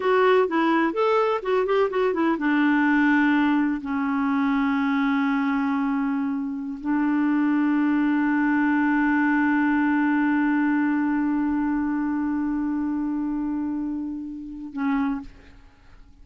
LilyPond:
\new Staff \with { instrumentName = "clarinet" } { \time 4/4 \tempo 4 = 126 fis'4 e'4 a'4 fis'8 g'8 | fis'8 e'8 d'2. | cis'1~ | cis'2~ cis'16 d'4.~ d'16~ |
d'1~ | d'1~ | d'1~ | d'2. cis'4 | }